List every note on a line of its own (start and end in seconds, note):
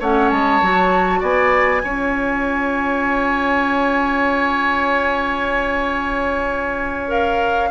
0.00 0.32 A3
0.00 0.63 C#4
0.00 1.20 C#5
0.00 0.30 F#5
0.30 0.62 G#3
0.30 1.23 A5
0.62 1.22 F#3
0.62 1.83 F#4
1.20 1.84 B3
1.20 1.82 D5
1.20 7.11 G#5
1.83 7.71 C#4
1.83 7.08 F4
1.83 7.71 C#5
7.08 7.70 A#4
7.08 7.71 F5